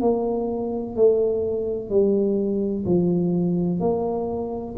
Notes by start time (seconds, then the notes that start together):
0.00 A#3
0.95 A3
1.90 G3
2.85 F3
3.79 A#3